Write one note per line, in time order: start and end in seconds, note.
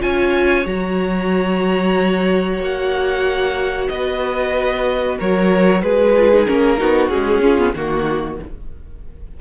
0.00 0.65 C#4
0.00 0.65 F4
0.00 3.90 C#5
0.00 0.66 G#5
0.65 2.59 F#3
0.65 6.14 F#4
0.65 2.60 A#5
2.59 3.88 A#3
2.59 3.88 F#5
3.88 5.19 B3
3.88 5.18 B4
3.88 5.17 D#5
5.18 5.82 F#3
5.18 5.82 A#4
5.18 5.82 C#5
5.82 6.47 G#3
5.82 6.79 G#4
5.82 6.46 B4
6.16 6.32 F4
6.33 6.46 D#4
6.46 6.81 A#3
6.46 6.77 C#4
6.46 7.09 A#4
6.77 7.09 B3
6.77 7.10 D#4
6.77 7.42 F#4
7.09 7.41 G#3
7.09 7.73 C#4
7.09 7.74 G#4
7.41 7.57 C#4
7.41 7.75 F4
7.58 7.74 B3
7.74 8.39 D#3
7.74 8.41 A#3
7.74 8.40 F#4